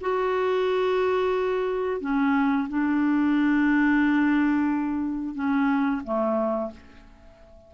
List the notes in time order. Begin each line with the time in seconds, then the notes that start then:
0.00 F#4
2.00 C#4
2.69 D4
5.34 C#4
6.03 A3